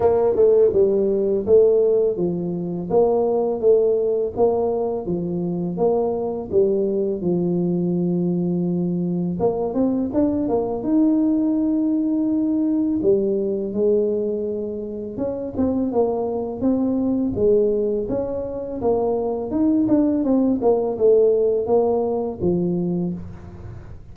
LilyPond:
\new Staff \with { instrumentName = "tuba" } { \time 4/4 \tempo 4 = 83 ais8 a8 g4 a4 f4 | ais4 a4 ais4 f4 | ais4 g4 f2~ | f4 ais8 c'8 d'8 ais8 dis'4~ |
dis'2 g4 gis4~ | gis4 cis'8 c'8 ais4 c'4 | gis4 cis'4 ais4 dis'8 d'8 | c'8 ais8 a4 ais4 f4 | }